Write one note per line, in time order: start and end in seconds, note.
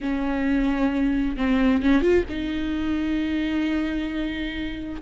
0.00 1.36 C#4
1.36 1.82 C4
1.82 2.01 C#4
2.01 2.24 F4
2.29 5.01 D#4